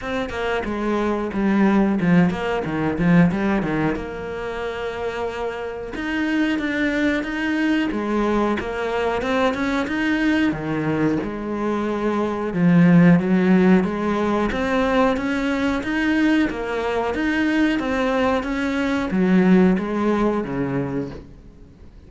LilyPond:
\new Staff \with { instrumentName = "cello" } { \time 4/4 \tempo 4 = 91 c'8 ais8 gis4 g4 f8 ais8 | dis8 f8 g8 dis8 ais2~ | ais4 dis'4 d'4 dis'4 | gis4 ais4 c'8 cis'8 dis'4 |
dis4 gis2 f4 | fis4 gis4 c'4 cis'4 | dis'4 ais4 dis'4 c'4 | cis'4 fis4 gis4 cis4 | }